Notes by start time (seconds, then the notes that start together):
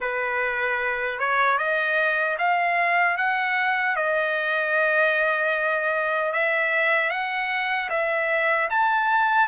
0.00 B4
1.19 C#5
1.58 D#5
2.38 F5
3.17 F#5
3.96 D#5
6.32 E5
7.10 F#5
7.89 E5
8.69 A5